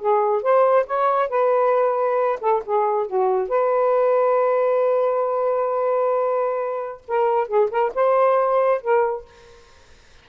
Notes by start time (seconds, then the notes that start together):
0.00 G#4
0.42 C5
0.87 C#5
1.29 B4
2.41 A4
2.66 G#4
3.07 F#4
3.49 B4
7.08 A#4
7.48 G#4
7.71 A#4
7.95 C5
8.82 A#4